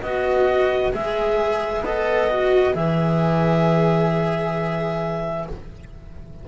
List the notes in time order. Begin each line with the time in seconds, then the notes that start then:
0.00 B3 F#4 B4 D#5
0.92 G#3 G#4 E5
1.83 B3 A4 D#5
2.30 F#4
2.73 E3 G#4 E5